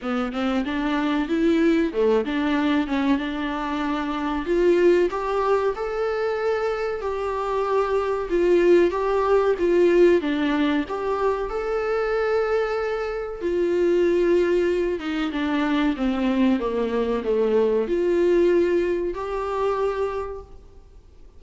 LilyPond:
\new Staff \with { instrumentName = "viola" } { \time 4/4 \tempo 4 = 94 b8 c'8 d'4 e'4 a8 d'8~ | d'8 cis'8 d'2 f'4 | g'4 a'2 g'4~ | g'4 f'4 g'4 f'4 |
d'4 g'4 a'2~ | a'4 f'2~ f'8 dis'8 | d'4 c'4 ais4 a4 | f'2 g'2 | }